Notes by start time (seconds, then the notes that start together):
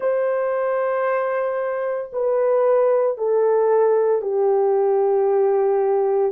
0.00 C5
2.12 B4
3.17 A4
4.21 G4